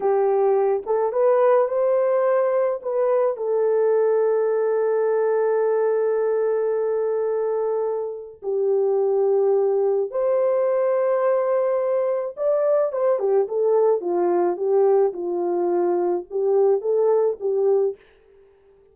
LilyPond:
\new Staff \with { instrumentName = "horn" } { \time 4/4 \tempo 4 = 107 g'4. a'8 b'4 c''4~ | c''4 b'4 a'2~ | a'1~ | a'2. g'4~ |
g'2 c''2~ | c''2 d''4 c''8 g'8 | a'4 f'4 g'4 f'4~ | f'4 g'4 a'4 g'4 | }